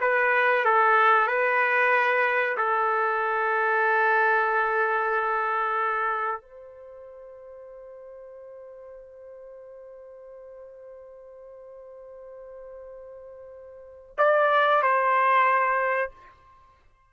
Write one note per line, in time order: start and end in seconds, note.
0.00 0.65 B4
0.65 1.27 A4
1.27 2.56 B4
2.57 6.41 A4
6.41 14.15 C5
14.17 14.82 D5
14.82 16.11 C5